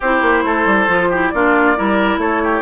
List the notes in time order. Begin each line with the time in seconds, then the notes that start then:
0.00 C4 E4 G4 C5
0.21 A#3
0.44 A3 A4
0.65 G3
0.87 F3 F4
1.09 E4 G4
1.29 A#3 D4 F4 D5
1.76 G3 E4 A#4
2.17 A3 A4 C#5
2.43 G4